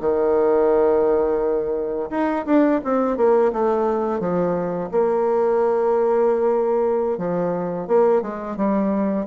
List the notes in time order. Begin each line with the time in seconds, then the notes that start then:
0.00 D#3
2.10 D#4
2.45 D4
2.84 C4
3.16 A#3
3.52 A3
4.19 F3
4.91 A#3
7.17 F3
7.87 A#3
8.21 G#3
8.56 G3